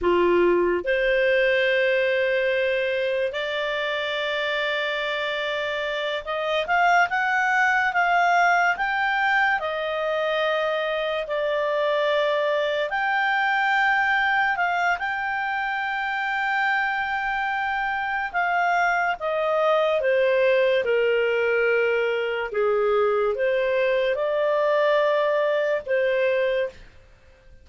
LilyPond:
\new Staff \with { instrumentName = "clarinet" } { \time 4/4 \tempo 4 = 72 f'4 c''2. | d''2.~ d''8 dis''8 | f''8 fis''4 f''4 g''4 dis''8~ | dis''4. d''2 g''8~ |
g''4. f''8 g''2~ | g''2 f''4 dis''4 | c''4 ais'2 gis'4 | c''4 d''2 c''4 | }